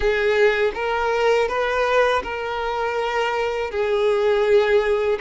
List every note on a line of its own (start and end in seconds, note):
0.00 0.72 G#4
0.74 1.48 A#4
1.48 2.22 B4
2.23 3.70 A#4
3.70 5.19 G#4